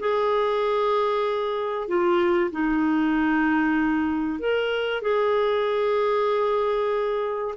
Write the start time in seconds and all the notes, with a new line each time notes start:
0.00 G#4
1.88 F4
2.52 D#4
4.40 A#4
5.02 G#4